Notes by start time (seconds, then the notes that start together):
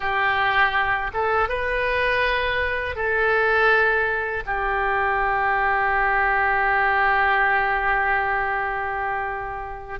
0.00 G4
1.13 A4
1.48 B4
2.95 A4
4.45 G4